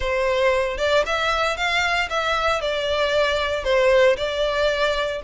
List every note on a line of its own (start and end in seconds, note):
0.00 0.77 C5
0.77 1.03 D5
1.06 1.56 E5
1.56 2.08 F5
2.09 2.61 E5
2.61 3.64 D5
3.64 4.16 C5
4.16 5.21 D5